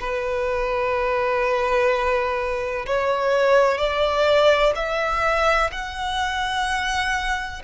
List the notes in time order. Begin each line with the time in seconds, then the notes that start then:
0.00 B4
2.86 C#5
3.77 D5
4.75 E5
5.71 F#5